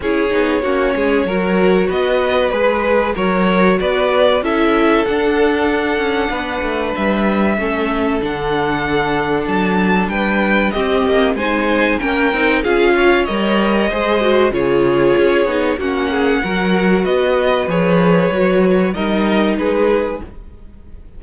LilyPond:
<<
  \new Staff \with { instrumentName = "violin" } { \time 4/4 \tempo 4 = 95 cis''2. dis''4 | b'4 cis''4 d''4 e''4 | fis''2. e''4~ | e''4 fis''2 a''4 |
g''4 dis''4 gis''4 g''4 | f''4 dis''2 cis''4~ | cis''4 fis''2 dis''4 | cis''2 dis''4 b'4 | }
  \new Staff \with { instrumentName = "violin" } { \time 4/4 gis'4 fis'8 gis'8 ais'4 b'4~ | b'4 ais'4 b'4 a'4~ | a'2 b'2 | a'1 |
b'4 g'4 c''4 ais'4 | gis'8 cis''4. c''4 gis'4~ | gis'4 fis'8 gis'8 ais'4 b'4~ | b'2 ais'4 gis'4 | }
  \new Staff \with { instrumentName = "viola" } { \time 4/4 e'8 dis'8 cis'4 fis'2 | gis'4 fis'2 e'4 | d'1 | cis'4 d'2.~ |
d'4 c'4 dis'4 cis'8 dis'8 | f'4 ais'4 gis'8 fis'8 f'4~ | f'8 dis'8 cis'4 fis'2 | gis'4 fis'4 dis'2 | }
  \new Staff \with { instrumentName = "cello" } { \time 4/4 cis'8 b8 ais8 gis8 fis4 b4 | gis4 fis4 b4 cis'4 | d'4. cis'8 b8 a8 g4 | a4 d2 fis4 |
g4 c'8 ais8 gis4 ais8 c'8 | cis'4 g4 gis4 cis4 | cis'8 b8 ais4 fis4 b4 | f4 fis4 g4 gis4 | }
>>